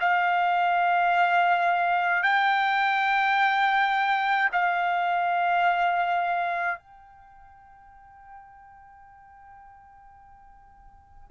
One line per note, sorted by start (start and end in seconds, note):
0.00 2.22 F5
2.22 4.49 G5
4.52 6.78 F5
6.78 11.30 G5